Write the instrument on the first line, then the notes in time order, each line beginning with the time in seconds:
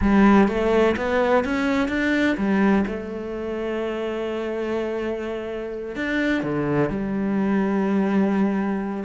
cello
0.01 G3
0.47 A3
0.96 B3
1.44 C#4
1.88 D4
2.37 G3
2.87 A3
5.95 D4
6.42 D3
6.89 G3